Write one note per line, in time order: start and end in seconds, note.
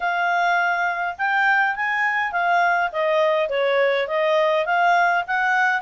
0.00 1.15 F5
1.18 1.75 G5
1.75 2.32 G#5
2.32 2.90 F5
2.92 3.49 D#5
3.49 4.07 C#5
4.07 4.65 D#5
4.65 5.23 F5
5.27 5.81 F#5